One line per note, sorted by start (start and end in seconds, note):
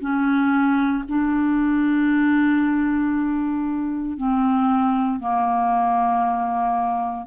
0.00 1.03 C#4
1.09 4.17 D4
4.17 5.20 C4
5.20 7.26 A#3